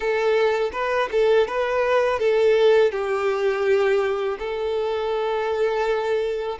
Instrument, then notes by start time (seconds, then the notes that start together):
violin
0.00 A4
0.72 B4
1.11 A4
1.47 B4
2.19 A4
2.91 G4
4.38 A4